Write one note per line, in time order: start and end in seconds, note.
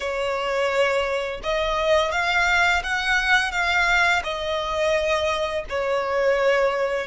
0.00 1.41 C#5
1.43 2.11 D#5
2.11 2.82 F5
2.83 3.51 F#5
3.51 4.22 F5
4.23 5.64 D#5
5.69 7.07 C#5